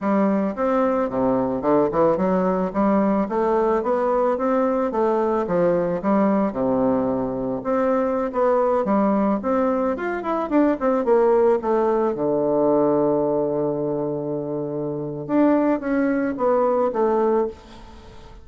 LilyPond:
\new Staff \with { instrumentName = "bassoon" } { \time 4/4 \tempo 4 = 110 g4 c'4 c4 d8 e8 | fis4 g4 a4 b4 | c'4 a4 f4 g4 | c2 c'4~ c'16 b8.~ |
b16 g4 c'4 f'8 e'8 d'8 c'16~ | c'16 ais4 a4 d4.~ d16~ | d1 | d'4 cis'4 b4 a4 | }